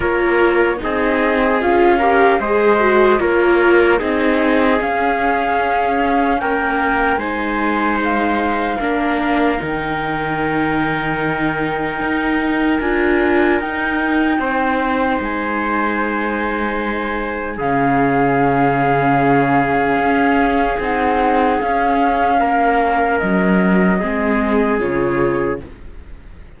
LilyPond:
<<
  \new Staff \with { instrumentName = "flute" } { \time 4/4 \tempo 4 = 75 cis''4 dis''4 f''4 dis''4 | cis''4 dis''4 f''2 | g''4 gis''4 f''2 | g''1 |
gis''4 g''2 gis''4~ | gis''2 f''2~ | f''2 fis''4 f''4~ | f''4 dis''2 cis''4 | }
  \new Staff \with { instrumentName = "trumpet" } { \time 4/4 ais'4 gis'4. ais'8 c''4 | ais'4 gis'2. | ais'4 c''2 ais'4~ | ais'1~ |
ais'2 c''2~ | c''2 gis'2~ | gis'1 | ais'2 gis'2 | }
  \new Staff \with { instrumentName = "viola" } { \time 4/4 f'4 dis'4 f'8 g'8 gis'8 fis'8 | f'4 dis'4 cis'2~ | cis'4 dis'2 d'4 | dis'1 |
f'4 dis'2.~ | dis'2 cis'2~ | cis'2 dis'4 cis'4~ | cis'2 c'4 f'4 | }
  \new Staff \with { instrumentName = "cello" } { \time 4/4 ais4 c'4 cis'4 gis4 | ais4 c'4 cis'2 | ais4 gis2 ais4 | dis2. dis'4 |
d'4 dis'4 c'4 gis4~ | gis2 cis2~ | cis4 cis'4 c'4 cis'4 | ais4 fis4 gis4 cis4 | }
>>